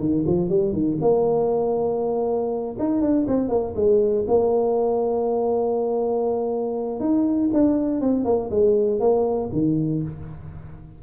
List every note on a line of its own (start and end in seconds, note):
0.00 0.25 D#3
0.27 0.50 F3
0.50 0.73 G3
0.73 0.98 D#3
1.02 2.77 A#3
2.79 3.02 D#4
3.02 3.27 D4
3.28 3.50 C4
3.50 3.75 A#3
3.76 4.26 G#3
4.28 7.01 A#3
7.01 7.51 D#4
7.54 8.01 D4
8.01 8.25 C4
8.25 8.50 A#3
8.51 9.01 G#3
9.01 9.51 A#3
9.53 10.03 D#3